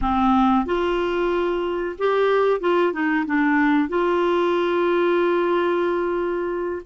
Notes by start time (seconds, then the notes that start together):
0.01 C4
0.65 F4
1.98 G4
2.60 F4
2.92 D#4
3.25 D4
3.88 F4